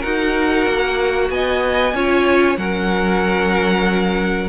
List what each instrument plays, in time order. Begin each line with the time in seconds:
0.00 cello D#4, viola F#4, violin A#4 F#5
0.67 cello A#3
1.30 cello B3, violin D#5 G#5
1.94 cello C#4, viola F4, violin C#5
2.57 cello F#3, viola C#4, violin A#4 F#5